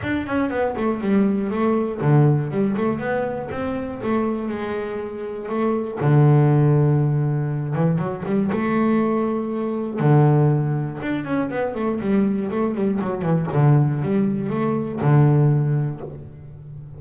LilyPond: \new Staff \with { instrumentName = "double bass" } { \time 4/4 \tempo 4 = 120 d'8 cis'8 b8 a8 g4 a4 | d4 g8 a8 b4 c'4 | a4 gis2 a4 | d2.~ d8 e8 |
fis8 g8 a2. | d2 d'8 cis'8 b8 a8 | g4 a8 g8 fis8 e8 d4 | g4 a4 d2 | }